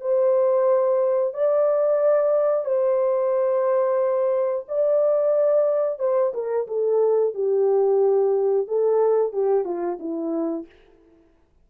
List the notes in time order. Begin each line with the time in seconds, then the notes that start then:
0.00 C5
1.33 D5
2.65 C5
4.68 D5
5.99 C5
6.33 A#4
6.67 A4
7.34 G4
8.67 A4
9.32 G4
9.65 F4
9.99 E4